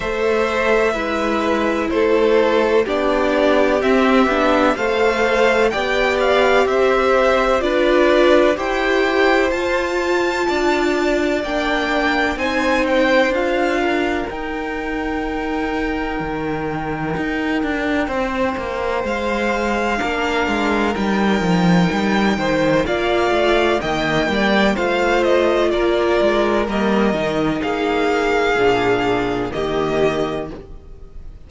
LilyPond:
<<
  \new Staff \with { instrumentName = "violin" } { \time 4/4 \tempo 4 = 63 e''2 c''4 d''4 | e''4 f''4 g''8 f''8 e''4 | d''4 g''4 a''2 | g''4 gis''8 g''8 f''4 g''4~ |
g''1 | f''2 g''2 | f''4 g''4 f''8 dis''8 d''4 | dis''4 f''2 dis''4 | }
  \new Staff \with { instrumentName = "violin" } { \time 4/4 c''4 b'4 a'4 g'4~ | g'4 c''4 d''4 c''4 | b'4 c''2 d''4~ | d''4 c''4. ais'4.~ |
ais'2. c''4~ | c''4 ais'2~ ais'8 c''8 | d''4 dis''8 d''8 c''4 ais'4~ | ais'4 gis'2 g'4 | }
  \new Staff \with { instrumentName = "viola" } { \time 4/4 a'4 e'2 d'4 | c'8 d'8 a'4 g'2 | f'4 g'4 f'2 | d'4 dis'4 f'4 dis'4~ |
dis'1~ | dis'4 d'4 dis'2 | f'4 ais4 f'2 | ais8 dis'4. d'4 ais4 | }
  \new Staff \with { instrumentName = "cello" } { \time 4/4 a4 gis4 a4 b4 | c'8 b8 a4 b4 c'4 | d'4 e'4 f'4 d'4 | ais4 c'4 d'4 dis'4~ |
dis'4 dis4 dis'8 d'8 c'8 ais8 | gis4 ais8 gis8 g8 f8 g8 dis8 | ais8 a8 dis8 g8 a4 ais8 gis8 | g8 dis8 ais4 ais,4 dis4 | }
>>